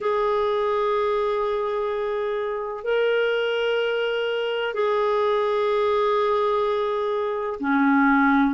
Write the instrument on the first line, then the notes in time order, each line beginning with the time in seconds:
clarinet
0.00 G#4
2.84 A#4
4.74 G#4
7.59 C#4